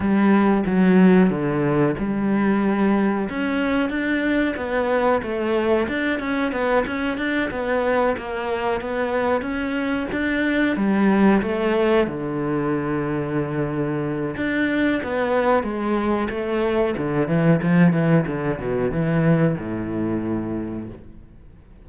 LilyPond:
\new Staff \with { instrumentName = "cello" } { \time 4/4 \tempo 4 = 92 g4 fis4 d4 g4~ | g4 cis'4 d'4 b4 | a4 d'8 cis'8 b8 cis'8 d'8 b8~ | b8 ais4 b4 cis'4 d'8~ |
d'8 g4 a4 d4.~ | d2 d'4 b4 | gis4 a4 d8 e8 f8 e8 | d8 b,8 e4 a,2 | }